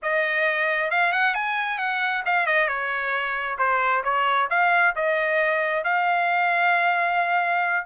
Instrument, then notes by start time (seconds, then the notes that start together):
trumpet
0.02 D#5
0.91 F5
1.12 F#5
1.34 G#5
1.78 F#5
2.25 F5
2.46 D#5
2.67 C#5
3.58 C5
4.03 C#5
4.50 F5
4.95 D#5
5.84 F5